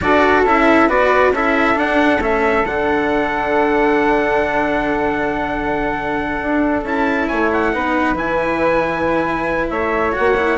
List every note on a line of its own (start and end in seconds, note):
0.01 0.45 D4
0.01 0.45 F#4
0.01 0.88 A4
0.01 0.45 D5
0.45 0.89 C#4
0.45 0.88 E4
0.45 0.89 E5
0.88 1.30 B3
0.88 1.33 F#4
0.88 1.32 B4
0.88 1.33 D5
1.30 1.74 C#4
1.30 1.74 E4
1.30 7.28 A4
1.30 1.78 E5
1.74 2.19 D4
1.74 2.22 F#5
2.19 2.63 A3
2.19 2.64 C#4
2.19 2.66 E5
2.65 6.40 D3
2.65 6.85 D4
2.65 6.85 F#5
6.41 6.83 D4
6.83 7.27 C#4
6.83 7.72 E4
6.83 7.27 A5
7.27 7.75 A3
7.27 7.72 C#5
7.27 7.49 G#5
7.52 8.17 F#5
7.72 8.15 B3
7.72 8.15 D#4
7.72 9.71 B4
8.15 9.69 E3
8.15 10.12 E4
8.15 9.69 G#5
9.69 10.14 A3
9.69 10.58 C#5
9.69 10.13 E5
10.12 10.34 F#4
10.12 10.58 F#5
10.18 10.58 A#3
10.36 10.58 E4